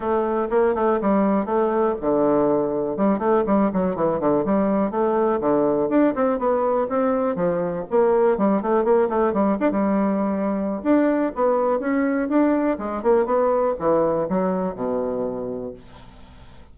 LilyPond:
\new Staff \with { instrumentName = "bassoon" } { \time 4/4 \tempo 4 = 122 a4 ais8 a8 g4 a4 | d2 g8 a8 g8 fis8 | e8 d8 g4 a4 d4 | d'8 c'8 b4 c'4 f4 |
ais4 g8 a8 ais8 a8 g8 d'16 g16~ | g2 d'4 b4 | cis'4 d'4 gis8 ais8 b4 | e4 fis4 b,2 | }